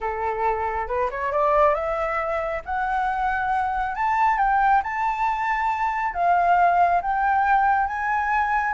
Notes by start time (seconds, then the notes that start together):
0.00 A4
0.87 B4
1.10 C#5
1.31 D5
1.74 E5
2.65 F#5
3.95 A5
4.38 G5
4.83 A5
6.13 F5
7.01 G5
7.87 G#5